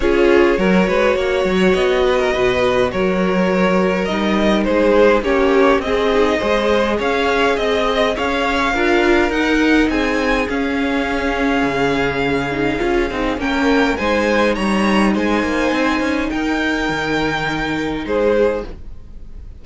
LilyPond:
<<
  \new Staff \with { instrumentName = "violin" } { \time 4/4 \tempo 4 = 103 cis''2. dis''4~ | dis''4 cis''2 dis''4 | c''4 cis''4 dis''2 | f''4 dis''4 f''2 |
fis''4 gis''4 f''2~ | f''2. g''4 | gis''4 ais''4 gis''2 | g''2. c''4 | }
  \new Staff \with { instrumentName = "violin" } { \time 4/4 gis'4 ais'8 b'8 cis''4. b'16 ais'16 | b'4 ais'2. | gis'4 g'4 gis'4 c''4 | cis''4 dis''4 cis''4 ais'4~ |
ais'4 gis'2.~ | gis'2. ais'4 | c''4 cis''4 c''2 | ais'2. gis'4 | }
  \new Staff \with { instrumentName = "viola" } { \time 4/4 f'4 fis'2.~ | fis'2. dis'4~ | dis'4 cis'4 c'8 dis'8 gis'4~ | gis'2. f'4 |
dis'2 cis'2~ | cis'4. dis'8 f'8 dis'8 cis'4 | dis'1~ | dis'1 | }
  \new Staff \with { instrumentName = "cello" } { \time 4/4 cis'4 fis8 gis8 ais8 fis8 b4 | b,4 fis2 g4 | gis4 ais4 c'4 gis4 | cis'4 c'4 cis'4 d'4 |
dis'4 c'4 cis'2 | cis2 cis'8 c'8 ais4 | gis4 g4 gis8 ais8 c'8 cis'8 | dis'4 dis2 gis4 | }
>>